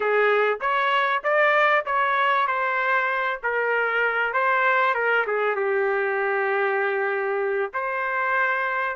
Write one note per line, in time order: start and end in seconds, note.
0.00 0.59 G#4
0.60 1.22 C#5
1.23 1.85 D5
1.85 2.47 C#5
2.47 3.39 C5
3.43 4.33 A#4
4.33 4.94 C5
4.94 5.25 A#4
5.26 5.55 G#4
5.55 7.72 G4
7.73 8.96 C5